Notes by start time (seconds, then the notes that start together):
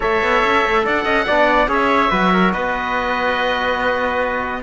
0.00 A3 A4 C#5 E5
0.22 B3
0.44 C#4
0.65 A3
0.85 D4 D5 F#5
1.04 C#4 D#5
1.26 B3 D4 D5
1.67 C#4 G#4 C#5 E5
2.10 F#3 F#4 B4
2.32 A#4
2.52 B3 B4 D#5